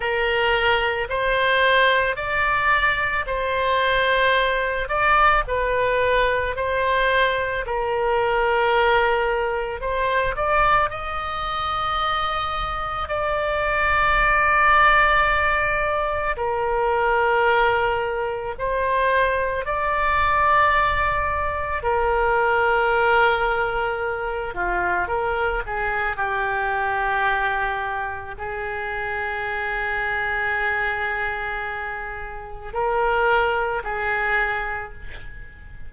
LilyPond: \new Staff \with { instrumentName = "oboe" } { \time 4/4 \tempo 4 = 55 ais'4 c''4 d''4 c''4~ | c''8 d''8 b'4 c''4 ais'4~ | ais'4 c''8 d''8 dis''2 | d''2. ais'4~ |
ais'4 c''4 d''2 | ais'2~ ais'8 f'8 ais'8 gis'8 | g'2 gis'2~ | gis'2 ais'4 gis'4 | }